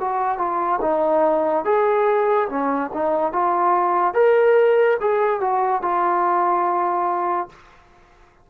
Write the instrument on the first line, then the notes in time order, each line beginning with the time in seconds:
trombone
0.00 F#4
0.38 F4
0.81 D#4
1.65 G#4
2.49 C#4
2.94 D#4
3.33 F4
4.14 A#4
5.01 G#4
5.41 F#4
5.82 F4